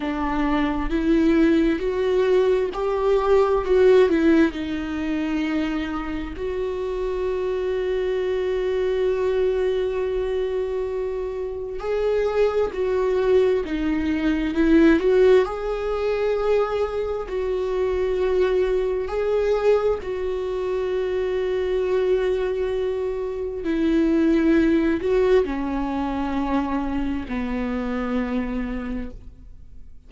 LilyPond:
\new Staff \with { instrumentName = "viola" } { \time 4/4 \tempo 4 = 66 d'4 e'4 fis'4 g'4 | fis'8 e'8 dis'2 fis'4~ | fis'1~ | fis'4 gis'4 fis'4 dis'4 |
e'8 fis'8 gis'2 fis'4~ | fis'4 gis'4 fis'2~ | fis'2 e'4. fis'8 | cis'2 b2 | }